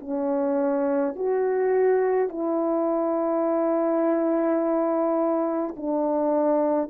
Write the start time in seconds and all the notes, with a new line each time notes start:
0.00 C#4
1.15 F#4
2.29 E4
5.76 D4